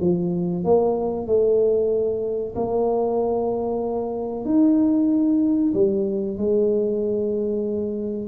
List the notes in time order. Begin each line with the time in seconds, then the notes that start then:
0.00 F3
0.64 A#3
1.26 A3
2.55 A#3
4.45 D#4
5.73 G3
6.37 G#3